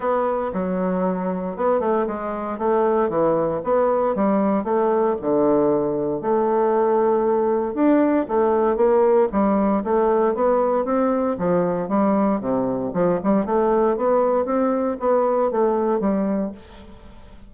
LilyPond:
\new Staff \with { instrumentName = "bassoon" } { \time 4/4 \tempo 4 = 116 b4 fis2 b8 a8 | gis4 a4 e4 b4 | g4 a4 d2 | a2. d'4 |
a4 ais4 g4 a4 | b4 c'4 f4 g4 | c4 f8 g8 a4 b4 | c'4 b4 a4 g4 | }